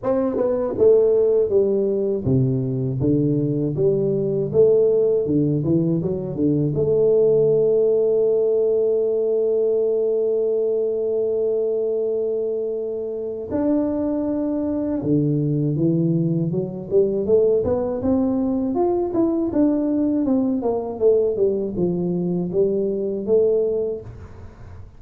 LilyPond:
\new Staff \with { instrumentName = "tuba" } { \time 4/4 \tempo 4 = 80 c'8 b8 a4 g4 c4 | d4 g4 a4 d8 e8 | fis8 d8 a2.~ | a1~ |
a2 d'2 | d4 e4 fis8 g8 a8 b8 | c'4 f'8 e'8 d'4 c'8 ais8 | a8 g8 f4 g4 a4 | }